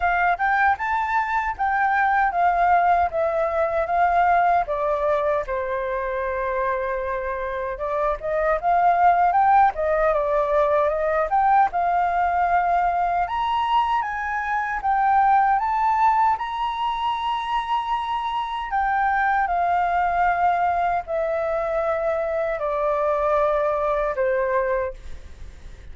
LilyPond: \new Staff \with { instrumentName = "flute" } { \time 4/4 \tempo 4 = 77 f''8 g''8 a''4 g''4 f''4 | e''4 f''4 d''4 c''4~ | c''2 d''8 dis''8 f''4 | g''8 dis''8 d''4 dis''8 g''8 f''4~ |
f''4 ais''4 gis''4 g''4 | a''4 ais''2. | g''4 f''2 e''4~ | e''4 d''2 c''4 | }